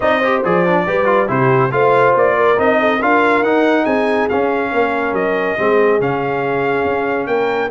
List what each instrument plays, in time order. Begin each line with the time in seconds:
0.00 tuba C4, trombone D#4, horn D5, trumpet D#5
0.18 trombone G4, horn C5
0.44 tuba F3, trombone G#4, trumpet D5
0.66 trombone D4
0.86 tuba G3, trombone G4, horn B4
1.05 trombone F4
1.27 tuba C3, trombone E4, horn G4, trumpet C5
1.71 tuba A3, trombone F4, horn C5, trumpet F5
2.15 tuba A#3, trumpet D5
2.35 horn A#4
2.57 tuba C4, trombone D#4, trumpet D#5
2.79 horn A4
2.97 tuba D4, trombone F4, horn A#4, trumpet F5
3.42 tuba D#4, trombone D#4, trumpet F#5
3.83 tuba C4, horn G#4, trumpet G#5
4.29 tuba C#4, trombone C#4, trumpet F5
4.72 tuba A#3, horn A#4
5.12 tuba F#3, trumpet D#5
5.58 tuba G#3, trombone C4, horn G#4
5.99 tuba C#3, trombone C#4, trumpet F5
6.84 tuba C#4
7.26 tuba A#3, horn A#4, trumpet G5